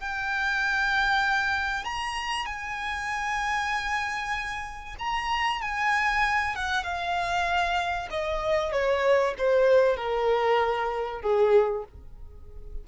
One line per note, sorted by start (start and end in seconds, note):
0.00 1.84 G5
1.84 2.46 A#5
2.46 4.96 G#5
4.99 5.61 A#5
5.62 6.55 G#5
6.55 6.83 F#5
6.83 8.08 F5
8.11 8.72 D#5
8.72 9.35 C#5
9.38 9.97 C5
9.97 11.22 A#4
11.22 11.84 G#4